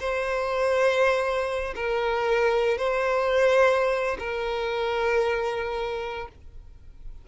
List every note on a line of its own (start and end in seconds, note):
0.00 1.74 C5
1.76 2.78 A#4
2.78 4.18 C5
4.19 6.29 A#4